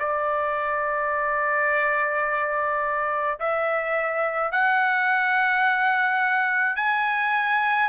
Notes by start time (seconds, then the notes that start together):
0.00 D5
3.40 E5
4.52 F#5
6.77 G#5